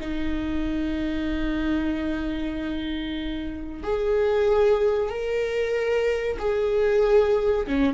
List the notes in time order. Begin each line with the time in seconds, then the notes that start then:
0.00 D#4
3.83 G#4
5.09 A#4
6.39 G#4
7.67 C#4